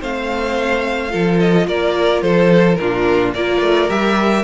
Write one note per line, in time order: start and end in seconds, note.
0.00 1.14 A3
0.00 1.09 C4
0.00 1.12 C5
0.00 1.40 F5
1.09 1.68 F3
1.09 2.76 F4
1.09 1.67 A4
1.40 1.68 D#5
1.68 2.23 A#3
1.68 2.23 A#4
1.68 2.22 D5
2.22 2.78 F3
2.22 2.79 A4
2.22 2.75 C5
2.75 3.34 A#2
2.75 3.36 D4
2.75 3.35 F4
2.75 3.31 A#4
3.34 3.62 A#3
3.34 3.89 F4
3.34 4.44 A#4
3.34 3.90 D5
3.62 3.89 A3
3.89 4.44 G3
3.89 4.44 G4
3.89 4.44 E5